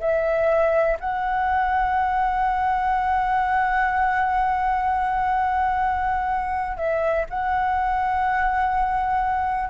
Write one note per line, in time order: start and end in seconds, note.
0.00 0.97 E5
0.99 6.77 F#5
6.77 7.25 E5
7.30 9.70 F#5